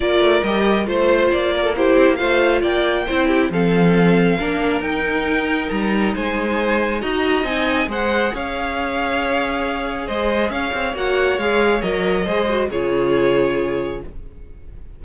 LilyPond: <<
  \new Staff \with { instrumentName = "violin" } { \time 4/4 \tempo 4 = 137 d''4 dis''4 c''4 d''4 | c''4 f''4 g''2 | f''2. g''4~ | g''4 ais''4 gis''2 |
ais''4 gis''4 fis''4 f''4~ | f''2. dis''4 | f''4 fis''4 f''4 dis''4~ | dis''4 cis''2. | }
  \new Staff \with { instrumentName = "violin" } { \time 4/4 ais'2 c''4. ais'16 a'16 | g'4 c''4 d''4 c''8 g'8 | a'2 ais'2~ | ais'2 c''2 |
dis''2 c''4 cis''4~ | cis''2. c''4 | cis''1 | c''4 gis'2. | }
  \new Staff \with { instrumentName = "viola" } { \time 4/4 f'4 g'4 f'2 | e'4 f'2 e'4 | c'2 d'4 dis'4~ | dis'1 |
fis'4 dis'4 gis'2~ | gis'1~ | gis'4 fis'4 gis'4 ais'4 | gis'8 fis'8 f'2. | }
  \new Staff \with { instrumentName = "cello" } { \time 4/4 ais8 a8 g4 a4 ais4~ | ais8 c'16 ais16 a4 ais4 c'4 | f2 ais4 dis'4~ | dis'4 g4 gis2 |
dis'4 c'4 gis4 cis'4~ | cis'2. gis4 | cis'8 c'8 ais4 gis4 fis4 | gis4 cis2. | }
>>